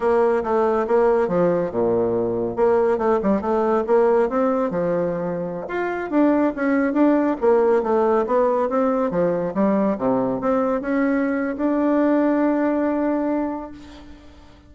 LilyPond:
\new Staff \with { instrumentName = "bassoon" } { \time 4/4 \tempo 4 = 140 ais4 a4 ais4 f4 | ais,2 ais4 a8 g8 | a4 ais4 c'4 f4~ | f4~ f16 f'4 d'4 cis'8.~ |
cis'16 d'4 ais4 a4 b8.~ | b16 c'4 f4 g4 c8.~ | c16 c'4 cis'4.~ cis'16 d'4~ | d'1 | }